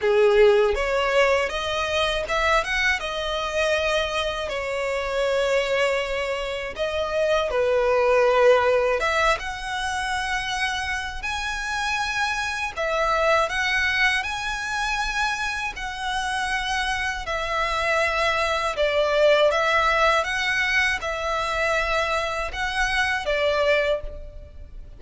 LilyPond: \new Staff \with { instrumentName = "violin" } { \time 4/4 \tempo 4 = 80 gis'4 cis''4 dis''4 e''8 fis''8 | dis''2 cis''2~ | cis''4 dis''4 b'2 | e''8 fis''2~ fis''8 gis''4~ |
gis''4 e''4 fis''4 gis''4~ | gis''4 fis''2 e''4~ | e''4 d''4 e''4 fis''4 | e''2 fis''4 d''4 | }